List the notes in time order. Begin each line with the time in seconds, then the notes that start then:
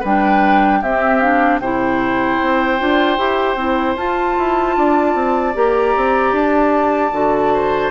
0.00 G3 D4 B4 G5
0.82 C4 G4 E5
1.20 D4 F5
1.60 C3 E4 C5 G5
2.41 C4
2.79 D4 F4
3.18 E4 G4
3.56 C4 E4
3.96 F4 A5
4.39 E4
4.77 D4 D5
5.15 C4
5.54 A#3 G4 A#5
5.96 C4
6.33 D4 A5
7.12 D3 F#4
7.54 C5